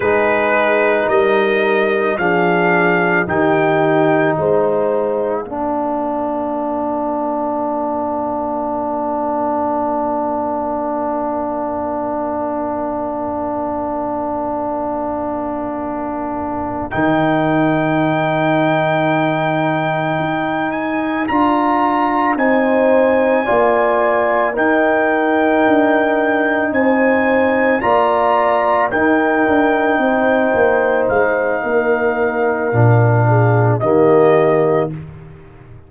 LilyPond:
<<
  \new Staff \with { instrumentName = "trumpet" } { \time 4/4 \tempo 4 = 55 b'4 dis''4 f''4 g''4 | f''1~ | f''1~ | f''2.~ f''8 g''8~ |
g''2. gis''8 ais''8~ | ais''8 gis''2 g''4.~ | g''8 gis''4 ais''4 g''4.~ | g''8 f''2~ f''8 dis''4 | }
  \new Staff \with { instrumentName = "horn" } { \time 4/4 gis'4 ais'4 gis'4 g'4 | c''4 ais'2.~ | ais'1~ | ais'1~ |
ais'1~ | ais'8 c''4 d''4 ais'4.~ | ais'8 c''4 d''4 ais'4 c''8~ | c''4 ais'4. gis'8 g'4 | }
  \new Staff \with { instrumentName = "trombone" } { \time 4/4 dis'2 d'4 dis'4~ | dis'4 d'2.~ | d'1~ | d'2.~ d'8 dis'8~ |
dis'2.~ dis'8 f'8~ | f'8 dis'4 f'4 dis'4.~ | dis'4. f'4 dis'4.~ | dis'2 d'4 ais4 | }
  \new Staff \with { instrumentName = "tuba" } { \time 4/4 gis4 g4 f4 dis4 | gis4 ais2.~ | ais1~ | ais2.~ ais8 dis8~ |
dis2~ dis8 dis'4 d'8~ | d'8 c'4 ais4 dis'4 d'8~ | d'8 c'4 ais4 dis'8 d'8 c'8 | ais8 gis8 ais4 ais,4 dis4 | }
>>